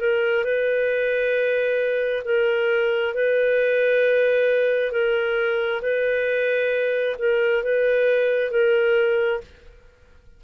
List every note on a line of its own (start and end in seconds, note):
0.00 0.44 A#4
0.44 2.23 B4
2.24 3.14 A#4
3.14 4.91 B4
4.91 5.81 A#4
5.82 7.16 B4
7.18 7.63 A#4
7.63 8.51 B4
8.51 9.40 A#4